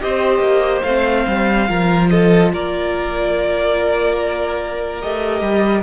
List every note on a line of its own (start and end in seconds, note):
0.00 0.39 C4
0.00 0.83 G4
0.00 1.68 C5
0.00 0.82 D#5
0.39 0.81 A#3
0.82 1.26 A3
0.82 1.68 C4
0.82 2.07 F5
1.27 1.68 G3
1.68 2.52 F3
1.68 5.01 F4
1.68 2.10 A#4
2.09 2.53 A4
2.09 2.51 D#5
2.52 5.02 A#3
2.52 5.83 A#4
2.52 5.01 D5
5.01 5.41 A3
5.01 5.83 G4
5.01 5.83 D#5
5.41 5.82 G3